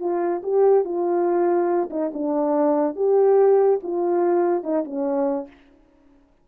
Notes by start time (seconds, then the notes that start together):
0.00 F4
0.43 G4
0.85 F4
1.91 D#4
2.14 D4
2.96 G4
3.83 F4
4.64 D#4
4.85 C#4